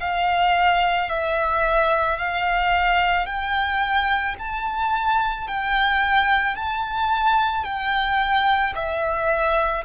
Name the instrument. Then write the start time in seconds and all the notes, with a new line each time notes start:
violin
0.00 F5
1.09 E5
2.18 F5
3.26 G5
4.38 A5
5.47 G5
6.55 A5
7.64 G5
8.75 E5